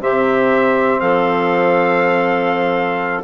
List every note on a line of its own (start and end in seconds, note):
0.00 1.01 C3
0.00 3.22 C4
0.00 1.01 G4
0.00 1.00 E5
1.00 3.24 F3
1.00 3.24 A4
1.00 3.23 F5